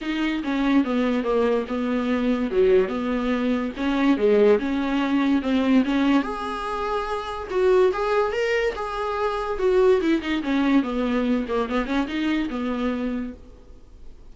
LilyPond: \new Staff \with { instrumentName = "viola" } { \time 4/4 \tempo 4 = 144 dis'4 cis'4 b4 ais4 | b2 fis4 b4~ | b4 cis'4 gis4 cis'4~ | cis'4 c'4 cis'4 gis'4~ |
gis'2 fis'4 gis'4 | ais'4 gis'2 fis'4 | e'8 dis'8 cis'4 b4. ais8 | b8 cis'8 dis'4 b2 | }